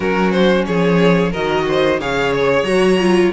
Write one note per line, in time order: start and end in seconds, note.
0.00 0.66 F#3
0.00 1.33 C#4
0.00 0.66 F#4
0.00 0.31 A#4
0.31 0.64 C5
0.66 1.34 F3
0.66 1.31 G#4
0.66 1.32 C#5
1.31 1.99 D#3
1.31 2.00 F#4
1.31 1.64 A#4
1.31 1.99 D#5
1.68 2.00 C5
1.99 2.62 C#3
1.99 2.67 G#4
1.99 3.32 C#5
1.99 2.32 F5
2.32 2.64 C#5
2.62 3.29 F#3
2.62 2.99 F#4
2.62 3.31 A#5
2.99 3.32 F4